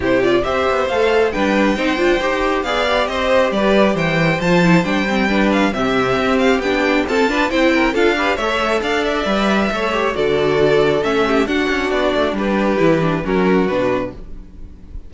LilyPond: <<
  \new Staff \with { instrumentName = "violin" } { \time 4/4 \tempo 4 = 136 c''8 d''8 e''4 f''4 g''4~ | g''2 f''4 dis''4 | d''4 g''4 a''4 g''4~ | g''8 f''8 e''4. f''8 g''4 |
a''4 g''4 f''4 e''4 | f''8 e''2~ e''8 d''4~ | d''4 e''4 fis''4 d''4 | b'2 ais'4 b'4 | }
  \new Staff \with { instrumentName = "violin" } { \time 4/4 g'4 c''2 b'4 | c''2 d''4 c''4 | b'4 c''2. | b'4 g'2. |
a'8 b'8 c''8 ais'8 a'8 b'8 cis''4 | d''2 cis''4 a'4~ | a'4. g'8 fis'2 | g'2 fis'2 | }
  \new Staff \with { instrumentName = "viola" } { \time 4/4 e'8 f'8 g'4 a'4 d'4 | dis'8 f'8 g'4 gis'8 g'4.~ | g'2 f'8 e'8 d'8 c'8 | d'4 c'2 d'4 |
c'8 d'8 e'4 f'8 g'8 a'4~ | a'4 b'4 a'8 g'8 fis'4~ | fis'4 cis'4 d'2~ | d'4 e'8 d'8 cis'4 d'4 | }
  \new Staff \with { instrumentName = "cello" } { \time 4/4 c4 c'8 b8 a4 g4 | c'8 d'8 dis'4 b4 c'4 | g4 e4 f4 g4~ | g4 c4 c'4 b4 |
f'4 c'4 d'4 a4 | d'4 g4 a4 d4~ | d4 a4 d'8 cis'8 b8 a8 | g4 e4 fis4 b,4 | }
>>